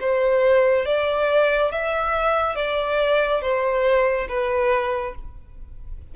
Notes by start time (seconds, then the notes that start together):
0.00 C5
0.86 D5
1.71 E5
2.56 D5
3.42 C5
4.29 B4